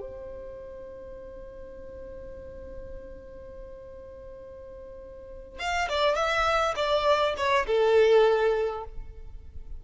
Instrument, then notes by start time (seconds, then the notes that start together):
violin
0.00 C5
5.59 F5
5.89 D5
6.16 E5
6.76 D5
7.37 C#5
7.67 A4